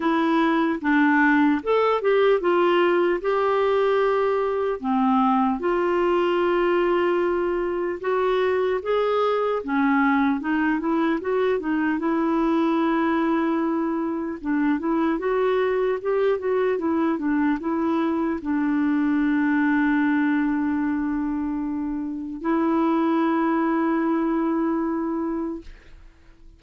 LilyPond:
\new Staff \with { instrumentName = "clarinet" } { \time 4/4 \tempo 4 = 75 e'4 d'4 a'8 g'8 f'4 | g'2 c'4 f'4~ | f'2 fis'4 gis'4 | cis'4 dis'8 e'8 fis'8 dis'8 e'4~ |
e'2 d'8 e'8 fis'4 | g'8 fis'8 e'8 d'8 e'4 d'4~ | d'1 | e'1 | }